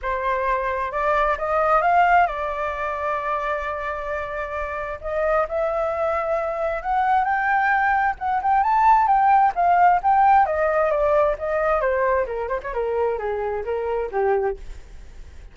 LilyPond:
\new Staff \with { instrumentName = "flute" } { \time 4/4 \tempo 4 = 132 c''2 d''4 dis''4 | f''4 d''2.~ | d''2. dis''4 | e''2. fis''4 |
g''2 fis''8 g''8 a''4 | g''4 f''4 g''4 dis''4 | d''4 dis''4 c''4 ais'8 c''16 cis''16 | ais'4 gis'4 ais'4 g'4 | }